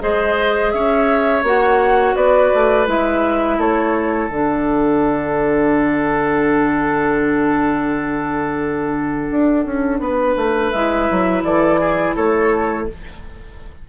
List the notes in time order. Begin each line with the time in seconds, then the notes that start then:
0.00 G#3 G#4 C5 D#5
0.72 C#4 C#5 E5
1.43 A#3 F#4 F#5
2.16 B3 B4 D5
2.55 A3
2.86 G#3 E4 E5
3.58 A3 A4 C#5
4.29 D3 D4 F#5
9.31 D4
9.66 C#4
10.00 B3 B4
10.37 A3
10.71 G#3 E4 E5
11.11 F#3
11.43 E3 A4 D5
11.81 G#4
12.16 A3 A4 C#5